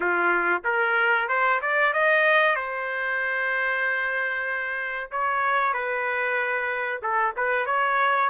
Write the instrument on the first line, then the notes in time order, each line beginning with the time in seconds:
trumpet
0.00 F4
0.64 A#4
1.28 C5
1.61 D5
1.93 D#5
2.55 C5
5.11 C#5
5.73 B4
7.02 A4
7.36 B4
7.66 C#5